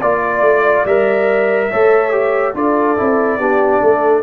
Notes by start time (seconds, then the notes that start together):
0.00 A#3 F4 D5
0.41 A3
0.85 G3 A#4 E5
1.69 A3 A4 C#5
2.11 G4
2.54 D4 F4 A4 D5
2.97 C4 E4
3.38 B3 D4 G4
3.81 A3 A4